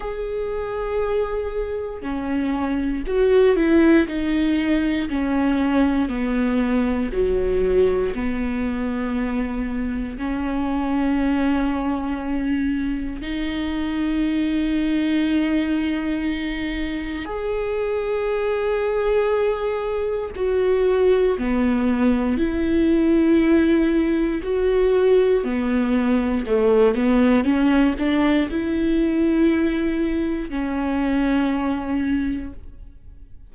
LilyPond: \new Staff \with { instrumentName = "viola" } { \time 4/4 \tempo 4 = 59 gis'2 cis'4 fis'8 e'8 | dis'4 cis'4 b4 fis4 | b2 cis'2~ | cis'4 dis'2.~ |
dis'4 gis'2. | fis'4 b4 e'2 | fis'4 b4 a8 b8 cis'8 d'8 | e'2 cis'2 | }